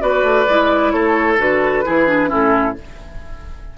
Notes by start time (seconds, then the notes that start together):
0.00 B3 F#4 B4 D5
0.23 A3
0.49 G#3 E4
0.92 A3 A4 C#5
1.38 D3 F#4 B4
1.86 E3 E4 G#4
2.08 D4
2.28 A2 C#4 E4 A4